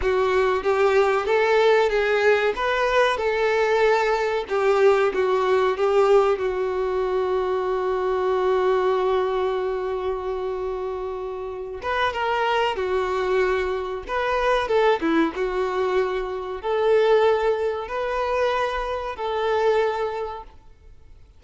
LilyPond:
\new Staff \with { instrumentName = "violin" } { \time 4/4 \tempo 4 = 94 fis'4 g'4 a'4 gis'4 | b'4 a'2 g'4 | fis'4 g'4 fis'2~ | fis'1~ |
fis'2~ fis'8 b'8 ais'4 | fis'2 b'4 a'8 e'8 | fis'2 a'2 | b'2 a'2 | }